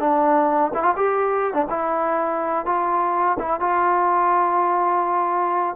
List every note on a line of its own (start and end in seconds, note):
0.00 0.72 D4
0.75 0.83 E4
0.83 0.95 F4
0.97 1.54 G4
1.54 1.66 D4
1.70 2.66 E4
2.66 3.38 F4
3.40 3.61 E4
3.61 5.76 F4